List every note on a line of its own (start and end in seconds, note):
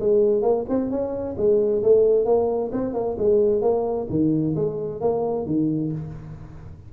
0.00 0.42 G#3
0.42 0.65 A#3
0.69 0.90 C4
0.90 1.36 C#4
1.37 1.82 G#3
1.83 2.25 A3
2.25 2.71 A#3
2.72 2.93 C4
2.93 3.16 A#3
3.18 3.62 G#3
3.62 4.07 A#3
4.10 4.55 D#3
4.55 5.01 G#3
5.01 5.46 A#3
5.46 5.92 D#3